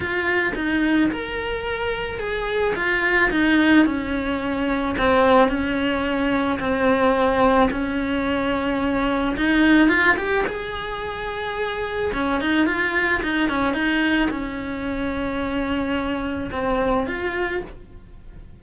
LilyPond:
\new Staff \with { instrumentName = "cello" } { \time 4/4 \tempo 4 = 109 f'4 dis'4 ais'2 | gis'4 f'4 dis'4 cis'4~ | cis'4 c'4 cis'2 | c'2 cis'2~ |
cis'4 dis'4 f'8 g'8 gis'4~ | gis'2 cis'8 dis'8 f'4 | dis'8 cis'8 dis'4 cis'2~ | cis'2 c'4 f'4 | }